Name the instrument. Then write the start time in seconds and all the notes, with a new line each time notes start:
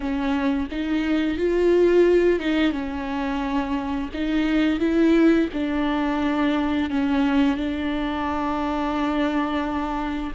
viola
0.00 C#4
0.71 D#4
1.37 F4
2.39 D#4
2.71 C#4
4.13 D#4
4.79 E4
5.53 D4
6.90 C#4
7.56 D4